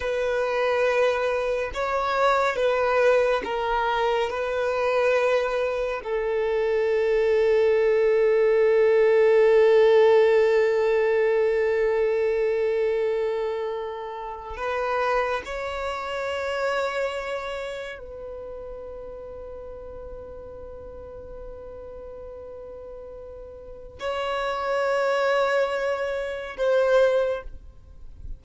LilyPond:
\new Staff \with { instrumentName = "violin" } { \time 4/4 \tempo 4 = 70 b'2 cis''4 b'4 | ais'4 b'2 a'4~ | a'1~ | a'1~ |
a'4 b'4 cis''2~ | cis''4 b'2.~ | b'1 | cis''2. c''4 | }